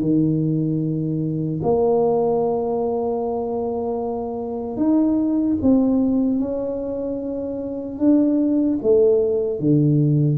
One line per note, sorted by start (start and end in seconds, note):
0.00 1.60 D#3
1.62 4.76 A#3
4.76 5.56 D#4
5.61 6.39 C4
6.39 7.99 C#4
7.99 8.79 D4
8.82 9.59 A3
9.59 10.37 D3